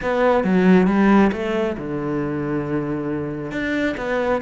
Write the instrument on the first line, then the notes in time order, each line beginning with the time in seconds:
cello
0.01 B3
0.44 F#3
0.87 G3
1.32 A3
1.77 D3
3.51 D4
3.97 B3